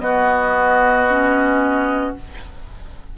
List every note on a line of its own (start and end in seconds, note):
0.00 2.15 B3
0.00 1.08 B3
0.00 2.18 F#4
0.00 2.14 D#5
1.10 2.17 C#4